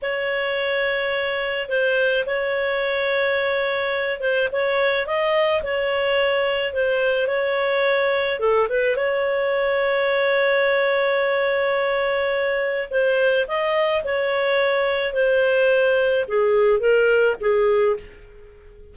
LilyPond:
\new Staff \with { instrumentName = "clarinet" } { \time 4/4 \tempo 4 = 107 cis''2. c''4 | cis''2.~ cis''8 c''8 | cis''4 dis''4 cis''2 | c''4 cis''2 a'8 b'8 |
cis''1~ | cis''2. c''4 | dis''4 cis''2 c''4~ | c''4 gis'4 ais'4 gis'4 | }